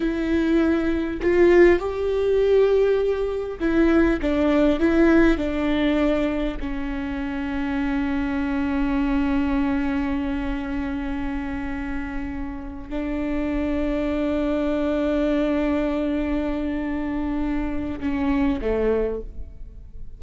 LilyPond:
\new Staff \with { instrumentName = "viola" } { \time 4/4 \tempo 4 = 100 e'2 f'4 g'4~ | g'2 e'4 d'4 | e'4 d'2 cis'4~ | cis'1~ |
cis'1~ | cis'4. d'2~ d'8~ | d'1~ | d'2 cis'4 a4 | }